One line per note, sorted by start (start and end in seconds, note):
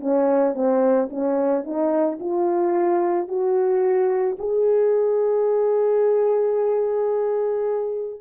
0.00 0.54 C#4
0.54 1.09 C4
1.10 1.64 C#4
1.64 2.19 D#4
2.20 3.28 F4
3.28 4.37 F#4
4.39 8.21 G#4